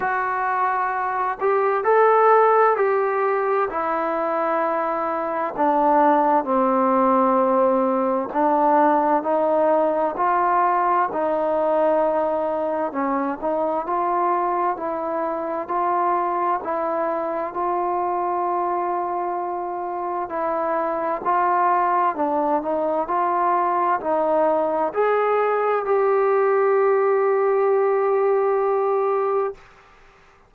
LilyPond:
\new Staff \with { instrumentName = "trombone" } { \time 4/4 \tempo 4 = 65 fis'4. g'8 a'4 g'4 | e'2 d'4 c'4~ | c'4 d'4 dis'4 f'4 | dis'2 cis'8 dis'8 f'4 |
e'4 f'4 e'4 f'4~ | f'2 e'4 f'4 | d'8 dis'8 f'4 dis'4 gis'4 | g'1 | }